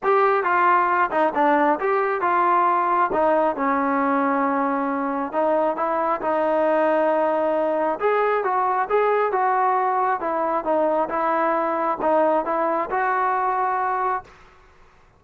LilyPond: \new Staff \with { instrumentName = "trombone" } { \time 4/4 \tempo 4 = 135 g'4 f'4. dis'8 d'4 | g'4 f'2 dis'4 | cis'1 | dis'4 e'4 dis'2~ |
dis'2 gis'4 fis'4 | gis'4 fis'2 e'4 | dis'4 e'2 dis'4 | e'4 fis'2. | }